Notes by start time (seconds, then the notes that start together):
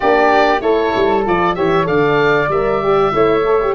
0.00 A#3 D4 G4 D5
0.59 A3 E4 A4 C#5
0.95 G3
1.25 F3 F4 D5
1.54 E3 G4 C#5 E5
1.83 D3 A4 D5 F5
2.48 G3 A#4 E5
2.83 G4
3.12 A3 E4 C#5
3.45 A4
3.61 G4